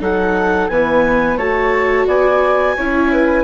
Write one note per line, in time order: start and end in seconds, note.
0.00 0.70 F#3
0.00 0.69 D#4
0.00 0.71 A4
0.00 0.69 F#5
0.69 1.37 E3
0.69 1.40 B3
0.69 1.38 B4
0.69 1.38 G#5
1.37 2.06 A3
1.37 2.77 F#4
1.37 2.07 C#5
1.37 2.07 A5
2.07 2.76 B3
2.07 2.76 D5
2.07 3.45 G#5
2.77 3.45 C#4
2.77 3.45 E4
2.77 3.11 C#5
3.13 3.45 B4